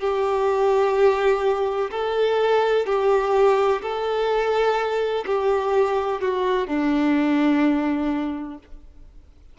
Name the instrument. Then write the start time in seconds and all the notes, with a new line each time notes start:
violin
0.00 G4
1.91 A4
2.86 G4
3.82 A4
5.26 G4
6.21 F#4
6.68 D4